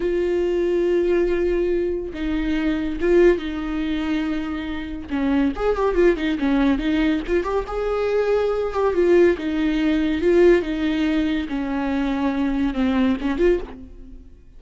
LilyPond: \new Staff \with { instrumentName = "viola" } { \time 4/4 \tempo 4 = 141 f'1~ | f'4 dis'2 f'4 | dis'1 | cis'4 gis'8 g'8 f'8 dis'8 cis'4 |
dis'4 f'8 g'8 gis'2~ | gis'8 g'8 f'4 dis'2 | f'4 dis'2 cis'4~ | cis'2 c'4 cis'8 f'8 | }